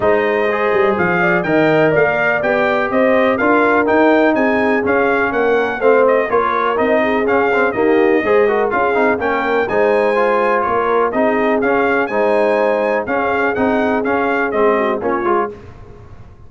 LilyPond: <<
  \new Staff \with { instrumentName = "trumpet" } { \time 4/4 \tempo 4 = 124 dis''2 f''4 g''4 | f''4 g''4 dis''4 f''4 | g''4 gis''4 f''4 fis''4 | f''8 dis''8 cis''4 dis''4 f''4 |
dis''2 f''4 g''4 | gis''2 cis''4 dis''4 | f''4 gis''2 f''4 | fis''4 f''4 dis''4 cis''4 | }
  \new Staff \with { instrumentName = "horn" } { \time 4/4 c''2~ c''8 d''8 dis''4 | d''2 c''4 ais'4~ | ais'4 gis'2 ais'4 | c''4 ais'4. gis'4. |
g'4 c''8 ais'8 gis'4 ais'4 | c''2 ais'4 gis'4~ | gis'4 c''2 gis'4~ | gis'2~ gis'8 fis'8 f'4 | }
  \new Staff \with { instrumentName = "trombone" } { \time 4/4 dis'4 gis'2 ais'4~ | ais'4 g'2 f'4 | dis'2 cis'2 | c'4 f'4 dis'4 cis'8 c'8 |
ais4 gis'8 fis'8 f'8 dis'8 cis'4 | dis'4 f'2 dis'4 | cis'4 dis'2 cis'4 | dis'4 cis'4 c'4 cis'8 f'8 | }
  \new Staff \with { instrumentName = "tuba" } { \time 4/4 gis4. g8 f4 dis4 | ais4 b4 c'4 d'4 | dis'4 c'4 cis'4 ais4 | a4 ais4 c'4 cis'4 |
dis'4 gis4 cis'8 c'8 ais4 | gis2 ais4 c'4 | cis'4 gis2 cis'4 | c'4 cis'4 gis4 ais8 gis8 | }
>>